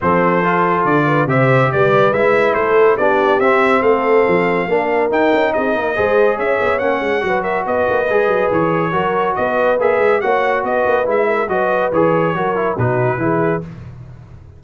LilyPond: <<
  \new Staff \with { instrumentName = "trumpet" } { \time 4/4 \tempo 4 = 141 c''2 d''4 e''4 | d''4 e''4 c''4 d''4 | e''4 f''2. | g''4 dis''2 e''4 |
fis''4. e''8 dis''2 | cis''2 dis''4 e''4 | fis''4 dis''4 e''4 dis''4 | cis''2 b'2 | }
  \new Staff \with { instrumentName = "horn" } { \time 4/4 a'2~ a'8 b'8 c''4 | b'2 a'4 g'4~ | g'4 a'2 ais'4~ | ais'4 gis'8 ais'8 c''4 cis''4~ |
cis''4 b'8 ais'8 b'2~ | b'4 ais'4 b'2 | cis''4 b'4. ais'8 b'4~ | b'4 ais'4 fis'4 gis'4 | }
  \new Staff \with { instrumentName = "trombone" } { \time 4/4 c'4 f'2 g'4~ | g'4 e'2 d'4 | c'2. d'4 | dis'2 gis'2 |
cis'4 fis'2 gis'4~ | gis'4 fis'2 gis'4 | fis'2 e'4 fis'4 | gis'4 fis'8 e'8 dis'4 e'4 | }
  \new Staff \with { instrumentName = "tuba" } { \time 4/4 f2 d4 c4 | g4 gis4 a4 b4 | c'4 a4 f4 ais4 | dis'8 cis'8 c'8 ais8 gis4 cis'8 b8 |
ais8 gis8 fis4 b8 ais8 gis8 fis8 | e4 fis4 b4 ais8 gis8 | ais4 b8 ais8 gis4 fis4 | e4 fis4 b,4 e4 | }
>>